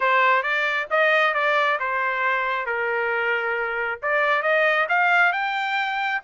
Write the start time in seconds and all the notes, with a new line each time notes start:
0.00 C5
0.42 D5
0.90 D#5
1.34 D5
1.79 C5
2.66 A#4
4.02 D5
4.42 D#5
4.88 F5
5.32 G5